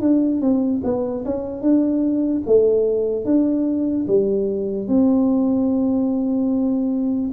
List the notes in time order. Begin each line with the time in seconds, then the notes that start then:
0.00 D4
0.41 C4
0.84 B3
1.25 C#4
1.61 D4
2.46 A3
3.25 D4
4.07 G3
4.88 C4